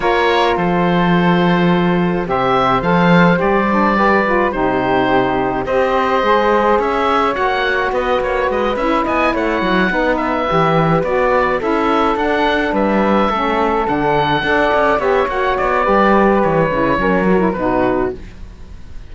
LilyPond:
<<
  \new Staff \with { instrumentName = "oboe" } { \time 4/4 \tempo 4 = 106 cis''4 c''2. | e''4 f''4 d''2 | c''2 dis''2 | e''4 fis''4 dis''8 cis''8 dis''8 e''8 |
gis''8 fis''4. e''4. d''8~ | d''8 e''4 fis''4 e''4.~ | e''8 fis''2 e''8 fis''8 d''8~ | d''4 cis''2 b'4 | }
  \new Staff \with { instrumentName = "flute" } { \time 4/4 ais'4 a'2. | c''2. b'4 | g'2 c''2 | cis''2 b'2 |
dis''8 cis''4 b'2~ b'8~ | b'8 a'2 b'4 a'8~ | a'4. d''4 cis''4. | b'2 ais'4 fis'4 | }
  \new Staff \with { instrumentName = "saxophone" } { \time 4/4 f'1 | g'4 a'4 g'8 d'8 g'8 f'8 | dis'2 g'4 gis'4~ | gis'4 fis'2~ fis'8 e'8~ |
e'4. dis'4 g'4 fis'8~ | fis'8 e'4 d'2 cis'8~ | cis'8 d'4 a'4 g'8 fis'4 | g'4. e'8 cis'8 fis'16 e'16 dis'4 | }
  \new Staff \with { instrumentName = "cello" } { \time 4/4 ais4 f2. | c4 f4 g2 | c2 c'4 gis4 | cis'4 ais4 b8 ais8 gis8 cis'8 |
b8 a8 fis8 b4 e4 b8~ | b8 cis'4 d'4 g4 a8~ | a8 d4 d'8 cis'8 b8 ais8 b8 | g4 e8 cis8 fis4 b,4 | }
>>